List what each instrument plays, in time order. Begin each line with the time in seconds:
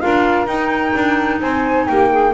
0.00 double bass D4, clarinet F4, saxophone A#4, flute F5
0.46 clarinet D#4, double bass D#4, flute G5
0.94 double bass D4
1.40 double bass C4, saxophone C5, flute G#5
1.87 double bass A#3, saxophone G4, flute G5
2.11 saxophone G#4